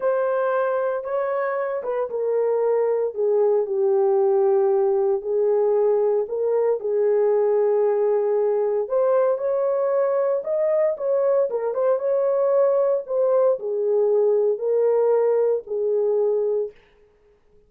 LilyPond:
\new Staff \with { instrumentName = "horn" } { \time 4/4 \tempo 4 = 115 c''2 cis''4. b'8 | ais'2 gis'4 g'4~ | g'2 gis'2 | ais'4 gis'2.~ |
gis'4 c''4 cis''2 | dis''4 cis''4 ais'8 c''8 cis''4~ | cis''4 c''4 gis'2 | ais'2 gis'2 | }